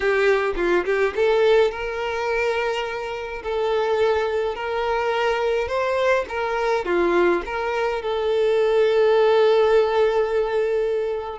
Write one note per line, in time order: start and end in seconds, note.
0.00 0.53 G4
0.56 0.84 F4
0.85 1.14 G4
1.15 1.71 A4
1.71 3.42 A#4
3.43 4.55 A4
4.55 5.68 A#4
5.68 6.25 C5
6.29 6.85 A#4
6.85 7.42 F4
7.45 8.02 A#4
8.02 11.39 A4